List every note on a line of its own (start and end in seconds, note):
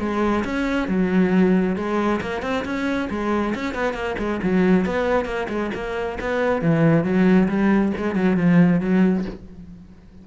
0.00 0.44 G#3
0.45 0.88 C#4
0.88 1.76 F#3
1.76 2.21 G#3
2.21 2.42 A#3
2.42 2.65 C4
2.65 3.09 C#4
3.10 3.54 G#3
3.55 3.75 C#4
3.75 3.94 B3
3.94 4.16 A#3
4.19 4.41 G#3
4.43 4.86 F#3
4.86 5.25 B3
5.25 5.47 A#3
5.49 5.71 G#3
5.75 6.19 A#3
6.21 6.62 B3
6.62 7.04 E3
7.04 7.48 F#3
7.49 7.93 G3
7.98 8.15 G#3
8.15 8.37 F#3
8.37 8.81 F3
8.81 9.25 F#3